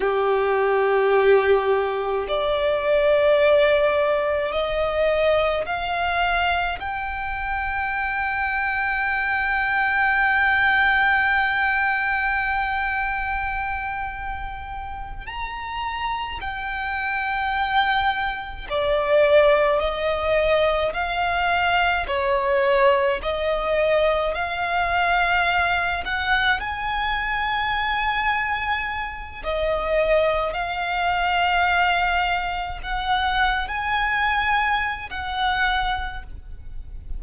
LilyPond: \new Staff \with { instrumentName = "violin" } { \time 4/4 \tempo 4 = 53 g'2 d''2 | dis''4 f''4 g''2~ | g''1~ | g''4. ais''4 g''4.~ |
g''8 d''4 dis''4 f''4 cis''8~ | cis''8 dis''4 f''4. fis''8 gis''8~ | gis''2 dis''4 f''4~ | f''4 fis''8. gis''4~ gis''16 fis''4 | }